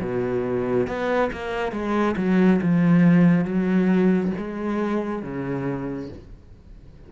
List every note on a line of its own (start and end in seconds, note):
0.00 0.87 B2
0.87 1.30 B3
1.32 1.72 A#3
1.72 2.15 G#3
2.17 2.60 F#3
2.61 3.45 F3
3.45 4.32 F#3
4.37 5.22 G#3
5.22 6.09 C#3